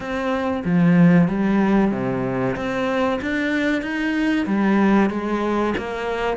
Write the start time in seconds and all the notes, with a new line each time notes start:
0.00 C4
0.64 F3
1.28 G3
1.91 C3
2.56 C4
3.21 D4
3.82 D#4
4.46 G3
5.09 G#3
5.77 A#3